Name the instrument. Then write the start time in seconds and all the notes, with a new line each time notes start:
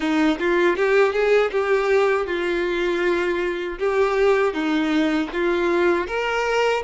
violin
0.00 D#4
0.39 F4
0.76 G4
1.13 G#4
1.51 G4
2.26 F4
3.78 G4
4.53 D#4
5.32 F4
6.07 A#4